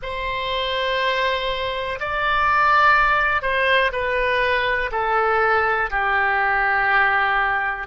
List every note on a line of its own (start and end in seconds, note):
0.02 1.99 C5
2.00 3.42 D5
3.42 3.91 C5
3.92 4.90 B4
4.91 5.90 A4
5.90 7.87 G4